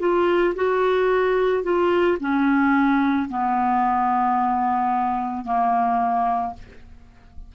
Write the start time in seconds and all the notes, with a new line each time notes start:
0.00 F4
0.56 F#4
1.63 F4
2.20 C#4
3.30 B3
5.45 A#3